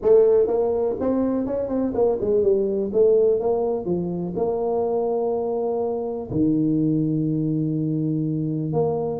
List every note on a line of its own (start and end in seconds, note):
0.02 0.47 A3
0.47 0.95 A#3
1.00 1.46 C4
1.46 1.68 C#4
1.68 1.92 C4
1.94 2.18 A#3
2.21 2.43 G#3
2.43 2.91 G3
2.93 3.40 A3
3.40 3.85 A#3
3.85 4.33 F3
4.36 6.29 A#3
6.30 8.72 D#3
8.73 9.20 A#3